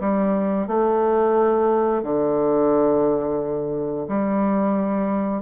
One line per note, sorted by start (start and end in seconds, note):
0.00 0.67 G3
0.67 2.03 A3
2.03 4.07 D3
4.08 5.42 G3